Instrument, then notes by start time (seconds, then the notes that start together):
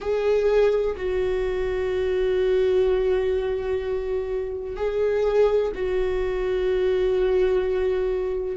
viola
0.00 G#4
0.96 F#4
4.76 G#4
5.74 F#4